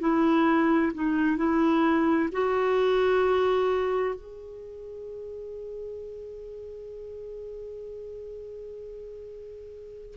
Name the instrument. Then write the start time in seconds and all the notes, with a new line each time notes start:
clarinet
0.00 E4
0.94 D#4
1.37 E4
2.32 F#4
4.15 G#4